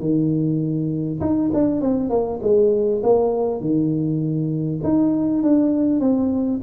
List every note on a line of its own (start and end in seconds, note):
0.00 1.20 D#3
1.21 1.51 D#4
1.54 1.81 D4
1.81 2.10 C4
2.10 2.40 A#3
2.42 3.02 G#3
3.03 3.61 A#3
3.61 4.81 D#3
4.84 5.43 D#4
5.43 6.00 D4
6.00 6.60 C4